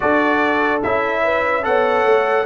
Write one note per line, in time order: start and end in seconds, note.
0.00 0.84 D4
0.00 0.80 F#4
0.00 1.23 A4
0.00 0.82 D5
0.83 1.66 C#4
0.83 1.62 E4
0.83 1.64 E5
1.23 1.64 B4
1.62 2.04 B3
1.62 2.44 A4
1.62 2.45 C#5
1.62 2.45 F#5
2.04 2.45 A3